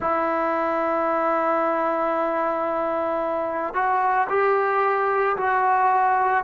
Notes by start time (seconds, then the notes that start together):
0.00 E4
3.74 F#4
4.29 G4
5.36 F#4